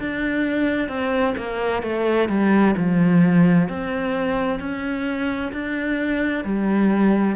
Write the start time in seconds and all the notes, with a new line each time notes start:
0.00 D4
0.89 C4
1.38 A#3
1.83 A3
2.29 G3
2.77 F3
3.70 C4
4.60 C#4
5.53 D4
6.45 G3